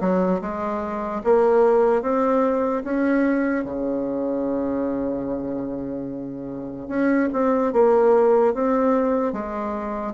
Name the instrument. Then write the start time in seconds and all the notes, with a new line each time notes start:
bassoon
0.00 F#3
0.41 G#3
1.23 A#3
2.02 C4
2.84 C#4
3.64 C#3
6.88 C#4
7.32 C4
7.72 A#3
8.54 C4
9.32 G#3